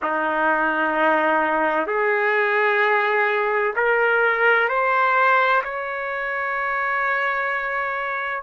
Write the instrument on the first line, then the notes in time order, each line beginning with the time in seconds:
trumpet
0.02 D#4
1.87 G#4
3.76 A#4
4.68 C5
5.63 C#5